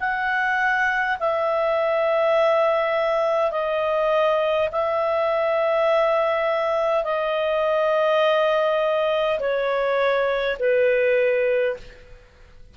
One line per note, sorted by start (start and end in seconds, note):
0.00 1.18 F#5
1.20 3.52 E5
3.52 4.70 D#5
4.72 7.04 E5
7.04 9.40 D#5
9.40 10.58 C#5
10.59 11.77 B4